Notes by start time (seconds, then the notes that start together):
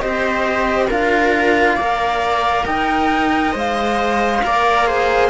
0.00 C4 G4 C5 D#5
0.88 D4 F4 A#4 F5
1.76 A#3 A#4 D5
2.66 D#4 D#5 G5
3.53 G#3 C5 F5
4.44 A#3 A#4 D5
4.87 G#4 C5